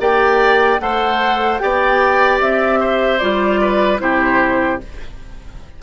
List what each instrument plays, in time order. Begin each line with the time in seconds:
0.00 bassoon A#3, clarinet G4, oboe D5, flute G5
0.80 bassoon A3, clarinet A4, oboe C5, flute F#5
1.59 bassoon B3, clarinet G4, oboe D5, flute G5
2.41 bassoon C4, flute E5
2.80 oboe C5
3.19 bassoon G3, clarinet F4, flute D5
3.62 oboe B4
3.99 bassoon C3, clarinet E4, oboe G4, flute C5